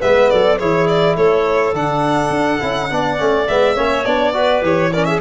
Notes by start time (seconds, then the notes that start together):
0.00 G#3 B3 B4 E5
0.30 F#3 A4 D5
0.59 E3 E4 G#4 C#5
0.87 D5
1.16 A3 A4 C#5
1.73 D3 D4 F#5
2.29 D4
2.60 C#4 E4
2.89 B3 D4 D5
3.18 A3 C#4
3.47 G#3 B3 E5
3.75 A#3 C#4 C#5
4.05 B3 D4 D5
4.34 F#4 B4
4.62 E3 G4 C#5
4.92 C#4 A#4 D5
5.05 G#4 E5